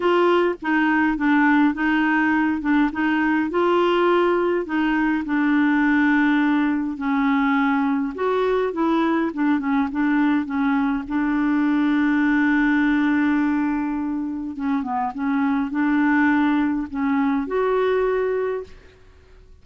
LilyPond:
\new Staff \with { instrumentName = "clarinet" } { \time 4/4 \tempo 4 = 103 f'4 dis'4 d'4 dis'4~ | dis'8 d'8 dis'4 f'2 | dis'4 d'2. | cis'2 fis'4 e'4 |
d'8 cis'8 d'4 cis'4 d'4~ | d'1~ | d'4 cis'8 b8 cis'4 d'4~ | d'4 cis'4 fis'2 | }